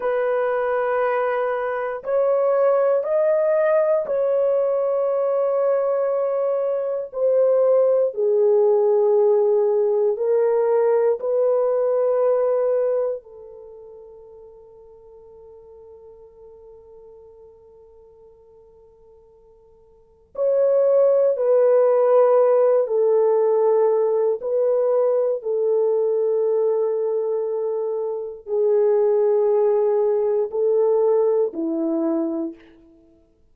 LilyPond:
\new Staff \with { instrumentName = "horn" } { \time 4/4 \tempo 4 = 59 b'2 cis''4 dis''4 | cis''2. c''4 | gis'2 ais'4 b'4~ | b'4 a'2.~ |
a'1 | cis''4 b'4. a'4. | b'4 a'2. | gis'2 a'4 e'4 | }